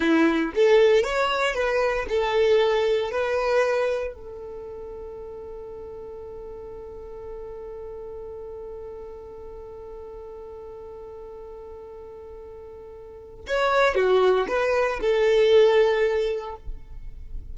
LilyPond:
\new Staff \with { instrumentName = "violin" } { \time 4/4 \tempo 4 = 116 e'4 a'4 cis''4 b'4 | a'2 b'2 | a'1~ | a'1~ |
a'1~ | a'1~ | a'2 cis''4 fis'4 | b'4 a'2. | }